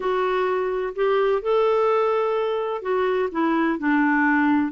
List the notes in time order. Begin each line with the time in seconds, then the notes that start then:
0.00 F#4
0.95 G4
1.42 A4
2.82 F#4
3.31 E4
3.78 D4